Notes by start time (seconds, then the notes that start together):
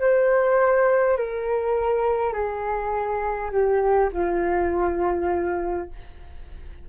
0.00 C5
1.17 A#4
2.33 G#4
3.51 G4
4.13 F4